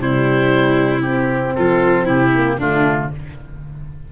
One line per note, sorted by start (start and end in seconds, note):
0.00 1.55 C3
0.00 1.01 G3
0.00 1.57 E4
0.00 1.02 C5
1.01 2.30 C4
1.01 1.53 G4
1.55 2.09 F3
1.55 2.05 F4
1.55 2.07 A4
2.05 2.58 C3
2.05 2.57 E4
2.05 2.60 G4
2.35 2.59 A#3
2.58 3.10 D3
2.58 3.11 A3
2.58 3.10 D4
2.58 3.12 F4